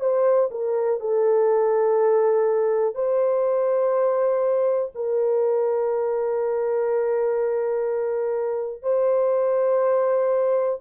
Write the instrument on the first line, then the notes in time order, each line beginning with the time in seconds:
horn
0.00 C5
0.51 A#4
1.00 A4
2.95 C5
4.94 A#4
8.82 C5